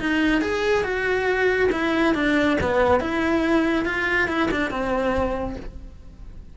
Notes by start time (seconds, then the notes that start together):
0.00 D#4
0.42 G#4
0.84 F#4
1.72 E4
2.15 D4
2.61 B3
3.00 E4
3.86 F4
4.29 E4
4.51 D4
4.71 C4